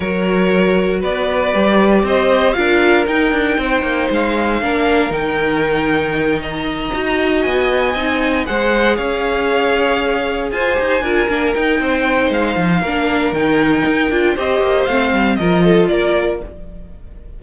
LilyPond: <<
  \new Staff \with { instrumentName = "violin" } { \time 4/4 \tempo 4 = 117 cis''2 d''2 | dis''4 f''4 g''2 | f''2 g''2~ | g''8 ais''2 gis''4.~ |
gis''8 fis''4 f''2~ f''8~ | f''8 gis''2 g''4. | f''2 g''2 | dis''4 f''4 dis''4 d''4 | }
  \new Staff \with { instrumentName = "violin" } { \time 4/4 ais'2 b'2 | c''4 ais'2 c''4~ | c''4 ais'2.~ | ais'8 dis''2.~ dis''8~ |
dis''8 c''4 cis''2~ cis''8~ | cis''8 c''4 ais'4. c''4~ | c''4 ais'2. | c''2 ais'8 a'8 ais'4 | }
  \new Staff \with { instrumentName = "viola" } { \time 4/4 fis'2. g'4~ | g'4 f'4 dis'2~ | dis'4 d'4 dis'2~ | dis'4. fis'2 dis'8~ |
dis'8 gis'2.~ gis'8~ | gis'4 g'8 f'8 d'8 dis'4.~ | dis'4 d'4 dis'4. f'8 | g'4 c'4 f'2 | }
  \new Staff \with { instrumentName = "cello" } { \time 4/4 fis2 b4 g4 | c'4 d'4 dis'8 d'8 c'8 ais8 | gis4 ais4 dis2~ | dis4. dis'4 b4 c'8~ |
c'8 gis4 cis'2~ cis'8~ | cis'8 f'8 dis'8 d'8 ais8 dis'8 c'4 | gis8 f8 ais4 dis4 dis'8 d'8 | c'8 ais8 a8 g8 f4 ais4 | }
>>